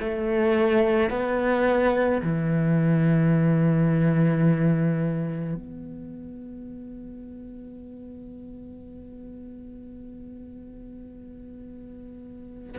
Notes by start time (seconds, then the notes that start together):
0.00 A3
1.11 B3
2.23 E3
5.56 B3